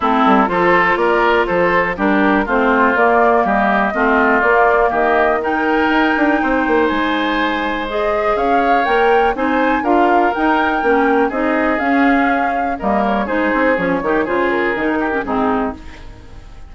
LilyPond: <<
  \new Staff \with { instrumentName = "flute" } { \time 4/4 \tempo 4 = 122 a'4 c''4 d''4 c''4 | ais'4 c''4 d''4 dis''4~ | dis''4 d''4 dis''4 g''4~ | g''2 gis''2 |
dis''4 f''4 g''4 gis''4 | f''4 g''2 dis''4 | f''2 dis''8 cis''8 c''4 | cis''4 c''8 ais'4. gis'4 | }
  \new Staff \with { instrumentName = "oboe" } { \time 4/4 e'4 a'4 ais'4 a'4 | g'4 f'2 g'4 | f'2 g'4 ais'4~ | ais'4 c''2.~ |
c''4 cis''2 c''4 | ais'2. gis'4~ | gis'2 ais'4 gis'4~ | gis'8 g'8 gis'4. g'8 dis'4 | }
  \new Staff \with { instrumentName = "clarinet" } { \time 4/4 c'4 f'2. | d'4 c'4 ais2 | c'4 ais2 dis'4~ | dis'1 |
gis'2 ais'4 dis'4 | f'4 dis'4 cis'4 dis'4 | cis'2 ais4 dis'4 | cis'8 dis'8 f'4 dis'8. cis'16 c'4 | }
  \new Staff \with { instrumentName = "bassoon" } { \time 4/4 a8 g8 f4 ais4 f4 | g4 a4 ais4 g4 | a4 ais4 dis2 | dis'8 d'8 c'8 ais8 gis2~ |
gis4 cis'4 ais4 c'4 | d'4 dis'4 ais4 c'4 | cis'2 g4 gis8 c'8 | f8 dis8 cis4 dis4 gis,4 | }
>>